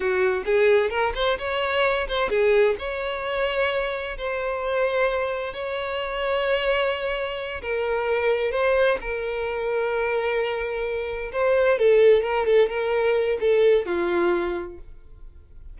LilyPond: \new Staff \with { instrumentName = "violin" } { \time 4/4 \tempo 4 = 130 fis'4 gis'4 ais'8 c''8 cis''4~ | cis''8 c''8 gis'4 cis''2~ | cis''4 c''2. | cis''1~ |
cis''8 ais'2 c''4 ais'8~ | ais'1~ | ais'8 c''4 a'4 ais'8 a'8 ais'8~ | ais'4 a'4 f'2 | }